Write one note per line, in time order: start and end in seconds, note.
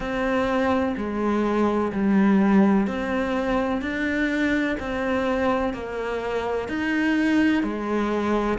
0.00 0.94 C4
0.96 1.91 G#3
1.92 2.87 G3
2.87 3.81 C4
3.81 4.76 D4
4.79 5.73 C4
5.73 6.68 A#3
6.68 7.63 D#4
7.63 8.58 G#3